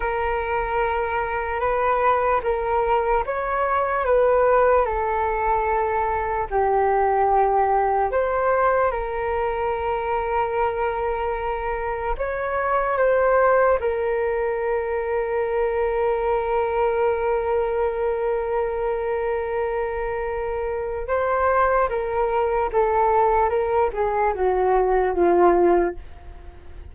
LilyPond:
\new Staff \with { instrumentName = "flute" } { \time 4/4 \tempo 4 = 74 ais'2 b'4 ais'4 | cis''4 b'4 a'2 | g'2 c''4 ais'4~ | ais'2. cis''4 |
c''4 ais'2.~ | ais'1~ | ais'2 c''4 ais'4 | a'4 ais'8 gis'8 fis'4 f'4 | }